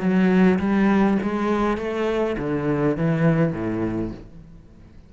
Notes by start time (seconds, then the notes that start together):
0.00 F#3
0.59 G3
1.23 G#3
1.78 A3
2.38 D3
2.97 E3
3.53 A2